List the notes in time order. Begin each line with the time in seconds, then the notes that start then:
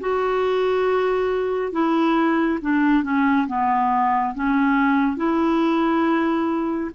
0.00 F#4
1.72 E4
2.61 D4
3.04 C#4
3.47 B3
4.34 C#4
5.17 E4